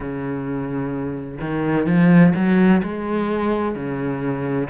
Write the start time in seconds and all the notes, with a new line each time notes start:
0.00 C#3
1.41 D#3
1.86 F3
2.35 F#3
2.83 G#3
3.75 C#3